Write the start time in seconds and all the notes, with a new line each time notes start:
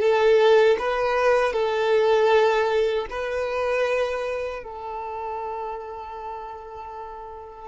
0.00 A4
0.79 B4
1.53 A4
3.10 B4
4.64 A4